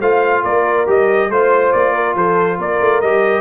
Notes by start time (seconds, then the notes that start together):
0.00 A3 F4 C5 F5
0.44 A#3 A#4 D5
0.86 G3 G4 D#5
1.30 A3 F4 C5
1.72 A#3 D5
1.94 A#4
2.15 F3 A4 C5
2.58 A#3 A#4 D5
2.81 A3
3.01 G3 G4 D#5